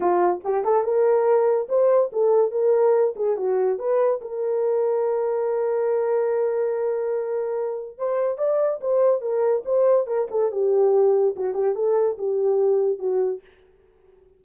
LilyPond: \new Staff \with { instrumentName = "horn" } { \time 4/4 \tempo 4 = 143 f'4 g'8 a'8 ais'2 | c''4 a'4 ais'4. gis'8 | fis'4 b'4 ais'2~ | ais'1~ |
ais'2. c''4 | d''4 c''4 ais'4 c''4 | ais'8 a'8 g'2 fis'8 g'8 | a'4 g'2 fis'4 | }